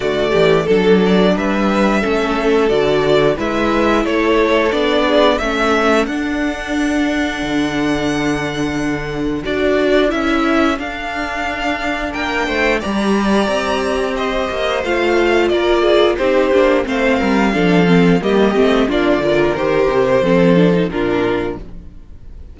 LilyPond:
<<
  \new Staff \with { instrumentName = "violin" } { \time 4/4 \tempo 4 = 89 d''4 a'8 d''8 e''2 | d''4 e''4 cis''4 d''4 | e''4 fis''2.~ | fis''2 d''4 e''4 |
f''2 g''4 ais''4~ | ais''4 dis''4 f''4 d''4 | c''4 f''2 dis''4 | d''4 c''2 ais'4 | }
  \new Staff \with { instrumentName = "violin" } { \time 4/4 fis'8 g'8 a'4 b'4 a'4~ | a'4 b'4 a'4. gis'8 | a'1~ | a'1~ |
a'2 ais'8 c''8 d''4~ | d''4 c''2 ais'8 gis'8 | g'4 c''8 ais'8 a'4 g'4 | f'8 ais'4. a'4 f'4 | }
  \new Staff \with { instrumentName = "viola" } { \time 4/4 a4 d'2 cis'4 | fis'4 e'2 d'4 | cis'4 d'2.~ | d'2 fis'4 e'4 |
d'2. g'4~ | g'2 f'2 | dis'8 d'8 c'4 d'8 c'8 ais8 c'8 | d'8 f'8 g'4 c'8 d'16 dis'16 d'4 | }
  \new Staff \with { instrumentName = "cello" } { \time 4/4 d8 e8 fis4 g4 a4 | d4 gis4 a4 b4 | a4 d'2 d4~ | d2 d'4 cis'4 |
d'2 ais8 a8 g4 | c'4. ais8 a4 ais4 | c'8 ais8 a8 g8 f4 g8 a8 | ais8 d8 dis8 c8 f4 ais,4 | }
>>